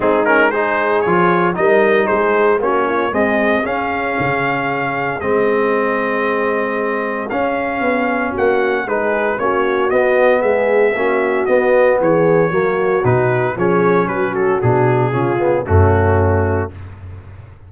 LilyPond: <<
  \new Staff \with { instrumentName = "trumpet" } { \time 4/4 \tempo 4 = 115 gis'8 ais'8 c''4 cis''4 dis''4 | c''4 cis''4 dis''4 f''4~ | f''2 dis''2~ | dis''2 f''2 |
fis''4 b'4 cis''4 dis''4 | e''2 dis''4 cis''4~ | cis''4 b'4 cis''4 b'8 a'8 | gis'2 fis'2 | }
  \new Staff \with { instrumentName = "horn" } { \time 4/4 dis'4 gis'2 ais'4 | gis'4 fis'8 f'8 gis'2~ | gis'1~ | gis'1 |
fis'4 gis'4 fis'2 | gis'4 fis'2 gis'4 | fis'2 gis'4 fis'4~ | fis'4 f'4 cis'2 | }
  \new Staff \with { instrumentName = "trombone" } { \time 4/4 c'8 cis'8 dis'4 f'4 dis'4~ | dis'4 cis'4 gis4 cis'4~ | cis'2 c'2~ | c'2 cis'2~ |
cis'4 dis'4 cis'4 b4~ | b4 cis'4 b2 | ais4 dis'4 cis'2 | d'4 cis'8 b8 a2 | }
  \new Staff \with { instrumentName = "tuba" } { \time 4/4 gis2 f4 g4 | gis4 ais4 c'4 cis'4 | cis2 gis2~ | gis2 cis'4 b4 |
ais4 gis4 ais4 b4 | gis4 ais4 b4 e4 | fis4 b,4 f4 fis4 | b,4 cis4 fis,2 | }
>>